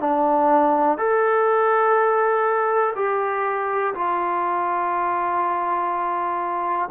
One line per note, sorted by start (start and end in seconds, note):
0.00 0.98 D4
0.98 2.95 A4
2.96 3.94 G4
3.95 6.90 F4